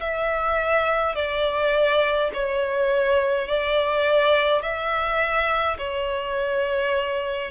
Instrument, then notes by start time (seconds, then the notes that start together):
violin
0.00 E5
1.15 D5
2.33 C#5
3.48 D5
4.62 E5
5.78 C#5